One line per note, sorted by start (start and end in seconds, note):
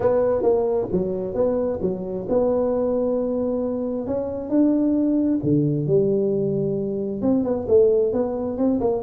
0.00 0.42 B3
0.42 0.87 A#3
0.92 1.34 F#3
1.34 1.79 B3
1.81 2.26 F#3
2.29 4.06 B3
4.06 4.49 C#4
4.49 5.39 D4
5.43 5.86 D3
5.86 7.21 G3
7.21 7.44 C4
7.44 7.66 B3
7.68 8.12 A3
8.12 8.57 B3
8.57 8.80 C4
8.80 9.02 A#3